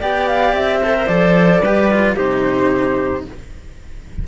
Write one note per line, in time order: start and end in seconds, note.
0.00 0.53 B3
0.00 0.82 G4
0.00 0.81 D5
0.00 0.28 G5
0.28 0.55 F5
0.53 1.07 C4
0.53 1.07 E5
0.82 0.94 A4
0.82 1.62 C5
0.94 1.08 A#4
1.07 1.62 F3
1.07 1.63 A4
1.07 2.16 D5
1.62 2.16 G3
1.62 1.92 G4
1.62 2.15 B4
1.92 2.17 F4
2.15 3.28 C3
2.15 3.25 D#4
2.15 3.24 G4
2.15 3.26 C5